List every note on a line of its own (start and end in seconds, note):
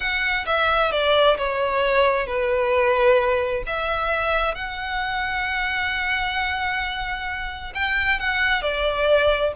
0.00 0.45 F#5
0.46 0.91 E5
0.91 1.37 D5
1.37 2.26 C#5
2.26 3.63 B4
3.66 4.54 E5
4.54 7.73 F#5
7.74 8.19 G5
8.19 8.62 F#5
8.62 9.52 D5